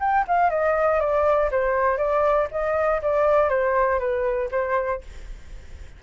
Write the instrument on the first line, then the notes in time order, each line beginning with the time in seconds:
flute
0.00 G5
0.27 F5
0.50 D#5
1.00 D5
1.51 C5
1.98 D5
2.51 D#5
3.02 D5
3.49 C5
3.99 B4
4.51 C5